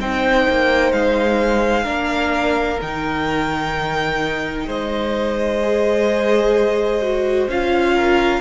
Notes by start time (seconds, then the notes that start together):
0.00 C4 D#4 C5 G5
0.50 A#3
0.93 G#3 F5
1.84 A#3 D4 A#4
2.82 D#3 D#4 G5
4.67 G#3 C5 D#5
5.63 G#4
7.02 F#4
7.48 C#4 F4 F5
7.95 A#4